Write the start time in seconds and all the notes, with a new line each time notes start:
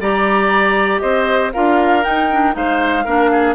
0.00 G3 G4 D5 A#5
0.99 C4 C5 D#5
1.53 D4 F4 A#4 F5
2.03 D#4 G5
2.31 D4
2.52 G#3 D#4 C5 F5
3.04 A#3 D4 A#4
3.32 G#4